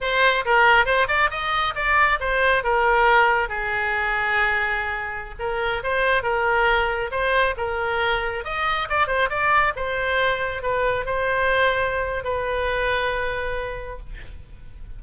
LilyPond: \new Staff \with { instrumentName = "oboe" } { \time 4/4 \tempo 4 = 137 c''4 ais'4 c''8 d''8 dis''4 | d''4 c''4 ais'2 | gis'1~ | gis'16 ais'4 c''4 ais'4.~ ais'16~ |
ais'16 c''4 ais'2 dis''8.~ | dis''16 d''8 c''8 d''4 c''4.~ c''16~ | c''16 b'4 c''2~ c''8. | b'1 | }